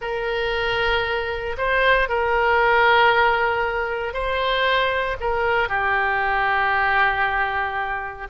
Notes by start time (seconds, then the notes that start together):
0.01 A#4
1.57 C5
2.09 A#4
4.13 C5
5.20 A#4
5.68 G4